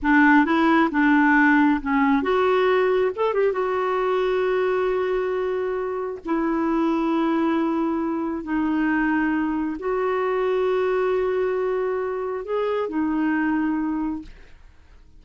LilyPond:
\new Staff \with { instrumentName = "clarinet" } { \time 4/4 \tempo 4 = 135 d'4 e'4 d'2 | cis'4 fis'2 a'8 g'8 | fis'1~ | fis'2 e'2~ |
e'2. dis'4~ | dis'2 fis'2~ | fis'1 | gis'4 dis'2. | }